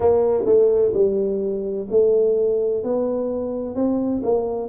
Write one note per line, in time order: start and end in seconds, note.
0.00 0.43 A#3
0.45 0.92 A3
0.93 1.87 G3
1.90 2.83 A3
2.83 3.75 B3
3.75 4.21 C4
4.23 4.69 A#3